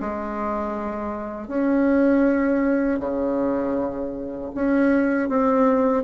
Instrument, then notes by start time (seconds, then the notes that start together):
bassoon
0.00 G#3
1.48 C#4
2.99 C#3
4.55 C#4
5.29 C4